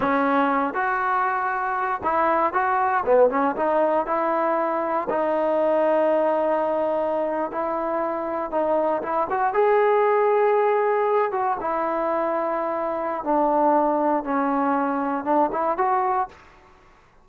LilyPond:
\new Staff \with { instrumentName = "trombone" } { \time 4/4 \tempo 4 = 118 cis'4. fis'2~ fis'8 | e'4 fis'4 b8 cis'8 dis'4 | e'2 dis'2~ | dis'2~ dis'8. e'4~ e'16~ |
e'8. dis'4 e'8 fis'8 gis'4~ gis'16~ | gis'2~ gis'16 fis'8 e'4~ e'16~ | e'2 d'2 | cis'2 d'8 e'8 fis'4 | }